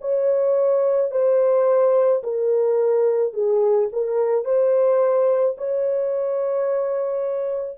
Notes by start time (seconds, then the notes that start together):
0.00 C#5
1.11 C5
2.23 A#4
3.33 G#4
3.92 A#4
4.44 C5
5.57 C#5